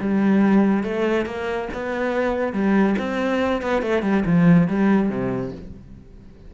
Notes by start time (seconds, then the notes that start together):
0.00 G3
0.84 A3
1.26 A#3
1.74 B3
2.53 G3
2.99 C4
3.62 B3
3.83 A3
4.03 G3
4.26 F3
4.68 G3
5.10 C3